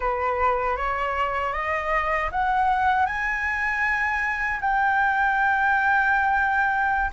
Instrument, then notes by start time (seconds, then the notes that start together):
flute
0.00 B4
0.77 C#5
1.53 D#5
2.31 F#5
3.06 G#5
4.60 G5